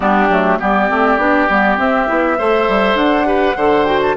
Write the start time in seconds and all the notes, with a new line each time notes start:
0.00 G3 B3 D4 G4
0.29 F#3 A3
0.59 G3 B3 G4 D5
0.89 A3 C4
1.17 B3 D4
1.49 G3 B3
1.77 C4 E5
2.07 B3 E4
2.37 A3 A4 C5
2.68 G3
2.94 D4 F#5
3.25 G4 B4
3.56 D3 A4 C5
3.85 F#4 G5
4.02 A5